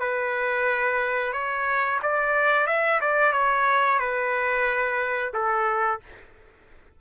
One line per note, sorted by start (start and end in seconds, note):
0.00 1.33 B4
1.33 2.00 C#5
2.02 2.67 D5
2.67 3.00 E5
3.01 3.33 D5
3.33 3.99 C#5
3.99 5.33 B4
5.34 6.01 A4